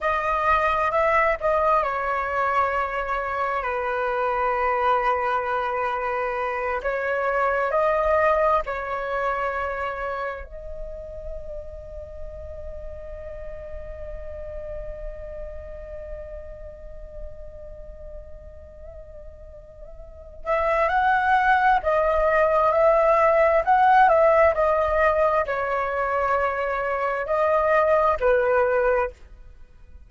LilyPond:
\new Staff \with { instrumentName = "flute" } { \time 4/4 \tempo 4 = 66 dis''4 e''8 dis''8 cis''2 | b'2.~ b'8 cis''8~ | cis''8 dis''4 cis''2 dis''8~ | dis''1~ |
dis''1~ | dis''2~ dis''8 e''8 fis''4 | dis''4 e''4 fis''8 e''8 dis''4 | cis''2 dis''4 b'4 | }